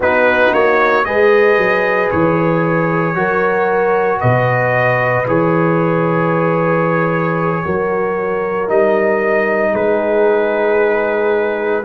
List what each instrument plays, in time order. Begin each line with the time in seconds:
0.00 tuba B3, trombone D#4, horn F#4, trumpet B4
0.53 tuba A#3, trumpet C#5
1.04 tuba G#3, trombone G#4, horn B4, trumpet D#5
1.57 tuba F#3
2.10 tuba E3, trumpet C#5
3.14 tuba F#3, trombone F#4, horn A#4
4.20 tuba B2, horn B4, trumpet D#5
5.27 tuba E3, trombone G#4, trumpet C#5
7.64 tuba F#3, trombone F#4, horn A#4
8.68 tuba G3, trombone D#4, trumpet D#5
9.71 tuba G#3, horn G#4, trumpet B4